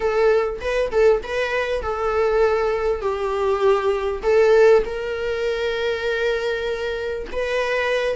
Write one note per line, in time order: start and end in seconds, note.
0.00 0.59 A4
0.60 0.91 B4
0.91 1.21 A4
1.23 1.82 B4
1.82 3.01 A4
3.01 4.22 G4
4.22 4.83 A4
4.85 7.27 A#4
7.31 8.15 B4